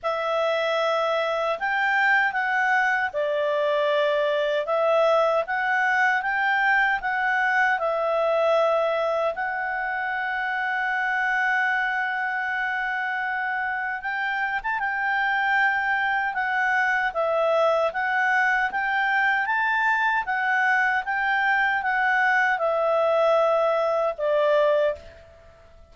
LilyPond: \new Staff \with { instrumentName = "clarinet" } { \time 4/4 \tempo 4 = 77 e''2 g''4 fis''4 | d''2 e''4 fis''4 | g''4 fis''4 e''2 | fis''1~ |
fis''2 g''8. a''16 g''4~ | g''4 fis''4 e''4 fis''4 | g''4 a''4 fis''4 g''4 | fis''4 e''2 d''4 | }